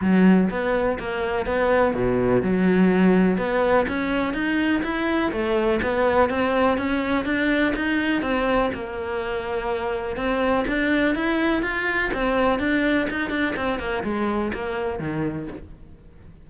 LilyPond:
\new Staff \with { instrumentName = "cello" } { \time 4/4 \tempo 4 = 124 fis4 b4 ais4 b4 | b,4 fis2 b4 | cis'4 dis'4 e'4 a4 | b4 c'4 cis'4 d'4 |
dis'4 c'4 ais2~ | ais4 c'4 d'4 e'4 | f'4 c'4 d'4 dis'8 d'8 | c'8 ais8 gis4 ais4 dis4 | }